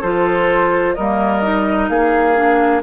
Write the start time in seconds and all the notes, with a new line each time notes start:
0.00 F3 F4 A4 C5
0.95 G3 A#3 A#4 D#5
1.42 D#4
1.88 A#3 G#4 F5
2.35 D4